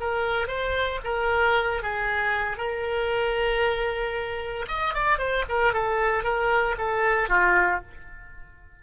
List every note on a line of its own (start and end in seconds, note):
0.00 0.48 A#4
0.48 1.00 C5
1.04 1.82 A#4
1.82 2.57 G#4
2.57 4.66 A#4
4.68 4.94 D#5
4.94 5.18 D5
5.18 5.44 C5
5.49 5.73 A#4
5.73 6.23 A4
6.23 6.76 A#4
6.78 7.29 A4
7.29 7.81 F4